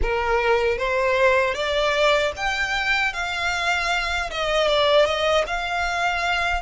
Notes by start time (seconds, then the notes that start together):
0.02 A#4
0.78 C5
1.54 D5
2.36 G5
3.13 F5
4.30 D#5
4.67 D5
5.05 D#5
5.47 F5